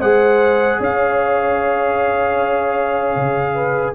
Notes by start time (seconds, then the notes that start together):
0.00 G#3 G#4 C5 F#5
0.79 C#4 C#5 F5
3.17 C#3
3.55 B4